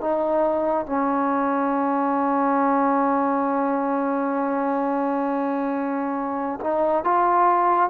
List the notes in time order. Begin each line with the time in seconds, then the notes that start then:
0.00 D#4
0.86 C#4
6.60 D#4
7.04 F4